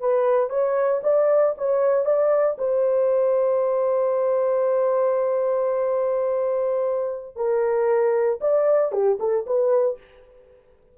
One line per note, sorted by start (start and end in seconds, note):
0.00 0.50 B4
0.50 1.01 C#5
1.03 1.55 D5
1.57 2.05 C#5
2.05 2.57 D5
2.58 7.36 C5
7.36 8.39 A#4
8.41 8.92 D5
8.92 9.18 G4
9.20 9.45 A4
9.46 9.98 B4